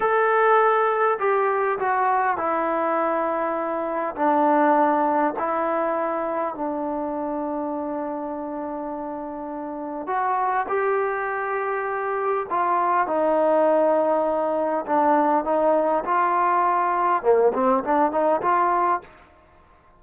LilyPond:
\new Staff \with { instrumentName = "trombone" } { \time 4/4 \tempo 4 = 101 a'2 g'4 fis'4 | e'2. d'4~ | d'4 e'2 d'4~ | d'1~ |
d'4 fis'4 g'2~ | g'4 f'4 dis'2~ | dis'4 d'4 dis'4 f'4~ | f'4 ais8 c'8 d'8 dis'8 f'4 | }